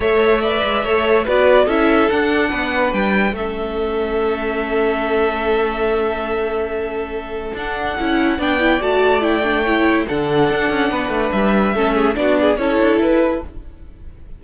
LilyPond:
<<
  \new Staff \with { instrumentName = "violin" } { \time 4/4 \tempo 4 = 143 e''2. d''4 | e''4 fis''2 g''4 | e''1~ | e''1~ |
e''2 fis''2 | g''4 a''4 g''2 | fis''2. e''4~ | e''4 d''4 cis''4 b'4 | }
  \new Staff \with { instrumentName = "violin" } { \time 4/4 cis''4 d''4 cis''4 b'4 | a'2 b'2 | a'1~ | a'1~ |
a'1 | d''2. cis''4 | a'2 b'2 | a'8 gis'8 fis'8 gis'8 a'2 | }
  \new Staff \with { instrumentName = "viola" } { \time 4/4 a'4 b'4 a'4 fis'4 | e'4 d'2. | cis'1~ | cis'1~ |
cis'2 d'4 e'4 | d'8 e'8 fis'4 e'8 d'8 e'4 | d'1 | cis'4 d'4 e'2 | }
  \new Staff \with { instrumentName = "cello" } { \time 4/4 a4. gis8 a4 b4 | cis'4 d'4 b4 g4 | a1~ | a1~ |
a2 d'4 cis'4 | b4 a2. | d4 d'8 cis'8 b8 a8 g4 | a4 b4 cis'8 d'8 e'4 | }
>>